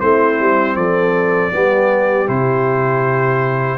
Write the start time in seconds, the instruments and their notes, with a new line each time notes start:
0.00 tuba A3, trombone C4, horn E4, trumpet C5
0.40 tuba G3
0.76 tuba F3, horn A4, trumpet D5
1.52 tuba G3, trombone B3, horn G4
2.27 tuba C3, trombone E4, trumpet C5